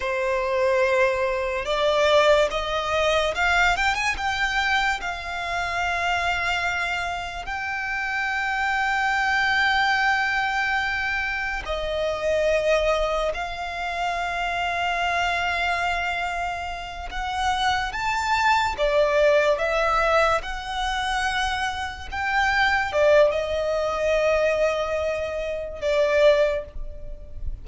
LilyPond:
\new Staff \with { instrumentName = "violin" } { \time 4/4 \tempo 4 = 72 c''2 d''4 dis''4 | f''8 g''16 gis''16 g''4 f''2~ | f''4 g''2.~ | g''2 dis''2 |
f''1~ | f''8 fis''4 a''4 d''4 e''8~ | e''8 fis''2 g''4 d''8 | dis''2. d''4 | }